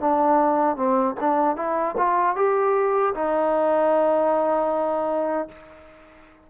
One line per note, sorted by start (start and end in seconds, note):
0.00 0.76 D4
0.76 1.15 C4
1.20 1.56 D4
1.56 1.95 E4
1.97 2.36 F4
2.36 3.13 G4
3.14 5.48 D#4